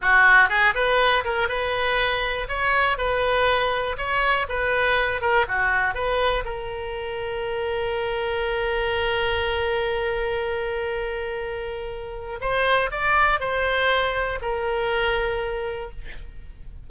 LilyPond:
\new Staff \with { instrumentName = "oboe" } { \time 4/4 \tempo 4 = 121 fis'4 gis'8 b'4 ais'8 b'4~ | b'4 cis''4 b'2 | cis''4 b'4. ais'8 fis'4 | b'4 ais'2.~ |
ais'1~ | ais'1~ | ais'4 c''4 d''4 c''4~ | c''4 ais'2. | }